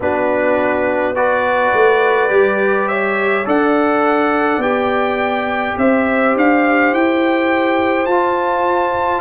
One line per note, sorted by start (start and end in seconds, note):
0.00 1.71 B3
0.00 1.15 D4
0.00 1.16 F#4
0.00 1.15 B4
1.15 2.29 F#4
1.15 2.89 B4
1.15 2.87 D5
1.73 2.30 A3
2.29 3.45 G3
2.29 3.44 G4
2.87 3.47 C#5
2.87 3.45 E5
3.45 4.57 D4
3.45 4.61 A4
3.45 5.77 D5
3.45 4.62 F#5
4.57 5.73 B3
4.57 8.07 G4
4.57 5.77 G5
5.77 6.35 C4
5.77 9.21 C5
5.77 6.36 E5
6.35 6.92 D4
6.35 6.94 F5
6.92 8.06 E4
6.92 8.05 G5
8.05 9.21 F4
8.05 9.20 A5